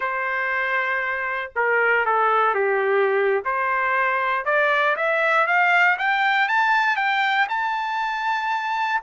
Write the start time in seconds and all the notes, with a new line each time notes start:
0.00 C5
1.55 A#4
2.05 A4
2.54 G4
3.45 C5
4.45 D5
4.96 E5
5.46 F5
5.98 G5
6.48 A5
6.96 G5
7.48 A5